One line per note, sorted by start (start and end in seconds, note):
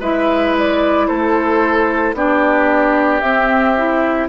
0.00 1.08 G#3
0.00 2.15 E4
0.00 1.07 B4
0.00 0.56 E5
0.58 1.07 D5
1.07 2.14 A3
1.07 2.15 A4
1.07 2.15 C5
2.14 3.21 B3
2.14 3.22 D4
2.14 4.29 G4
2.14 3.21 D5
3.21 4.29 C4
3.21 3.77 C4
3.21 4.28 E5
3.77 4.29 E4